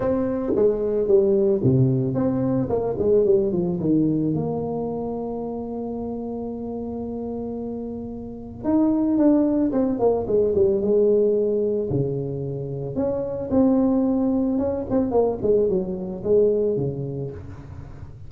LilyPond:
\new Staff \with { instrumentName = "tuba" } { \time 4/4 \tempo 4 = 111 c'4 gis4 g4 c4 | c'4 ais8 gis8 g8 f8 dis4 | ais1~ | ais1 |
dis'4 d'4 c'8 ais8 gis8 g8 | gis2 cis2 | cis'4 c'2 cis'8 c'8 | ais8 gis8 fis4 gis4 cis4 | }